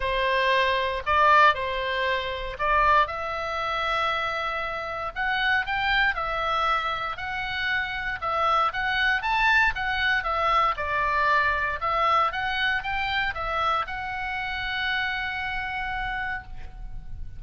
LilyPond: \new Staff \with { instrumentName = "oboe" } { \time 4/4 \tempo 4 = 117 c''2 d''4 c''4~ | c''4 d''4 e''2~ | e''2 fis''4 g''4 | e''2 fis''2 |
e''4 fis''4 a''4 fis''4 | e''4 d''2 e''4 | fis''4 g''4 e''4 fis''4~ | fis''1 | }